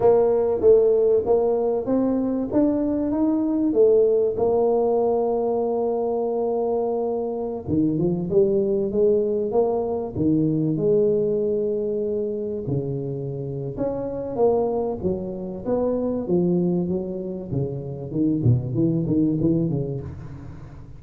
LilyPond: \new Staff \with { instrumentName = "tuba" } { \time 4/4 \tempo 4 = 96 ais4 a4 ais4 c'4 | d'4 dis'4 a4 ais4~ | ais1~ | ais16 dis8 f8 g4 gis4 ais8.~ |
ais16 dis4 gis2~ gis8.~ | gis16 cis4.~ cis16 cis'4 ais4 | fis4 b4 f4 fis4 | cis4 dis8 b,8 e8 dis8 e8 cis8 | }